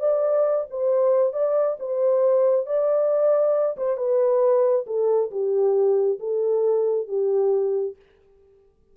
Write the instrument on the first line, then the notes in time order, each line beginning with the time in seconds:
horn
0.00 D5
0.71 C5
1.33 D5
1.80 C5
2.67 D5
3.78 C5
3.97 B4
4.87 A4
5.31 G4
6.20 A4
7.08 G4